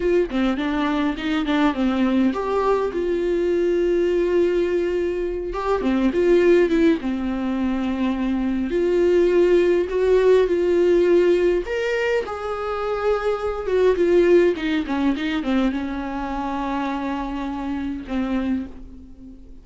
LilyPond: \new Staff \with { instrumentName = "viola" } { \time 4/4 \tempo 4 = 103 f'8 c'8 d'4 dis'8 d'8 c'4 | g'4 f'2.~ | f'4. g'8 c'8 f'4 e'8 | c'2. f'4~ |
f'4 fis'4 f'2 | ais'4 gis'2~ gis'8 fis'8 | f'4 dis'8 cis'8 dis'8 c'8 cis'4~ | cis'2. c'4 | }